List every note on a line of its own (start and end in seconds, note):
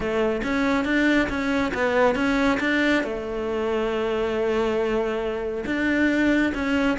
0.00 0.41 A3
0.43 0.85 C#4
0.85 1.28 D4
1.29 1.72 C#4
1.74 2.15 B3
2.15 2.58 C#4
2.60 3.03 D4
3.03 5.64 A3
5.66 6.53 D4
6.54 6.97 C#4